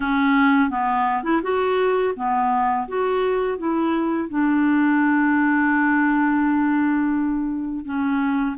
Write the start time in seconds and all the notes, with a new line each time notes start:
0.00 C#4
0.70 B3
1.23 E4
1.43 F#4
2.16 B3
2.88 F#4
3.57 E4
4.29 D4
7.84 C#4